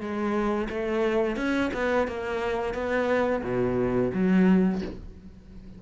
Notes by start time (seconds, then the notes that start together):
0.00 G#3
0.69 A3
1.36 C#4
1.73 B3
2.07 A#3
2.73 B3
3.43 B2
4.13 F#3